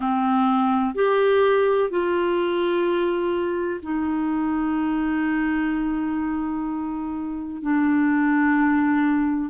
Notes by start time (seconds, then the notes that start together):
0.00 C4
0.94 G4
1.90 F4
3.82 D#4
7.62 D4